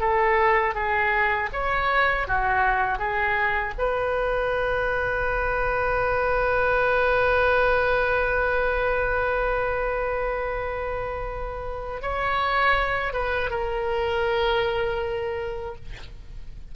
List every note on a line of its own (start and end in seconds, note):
0.00 0.74 A4
0.74 1.49 G#4
1.52 2.27 C#5
2.27 2.99 F#4
2.99 3.74 G#4
3.78 12.02 B4
12.02 13.13 C#5
13.13 13.50 B4
13.50 15.75 A#4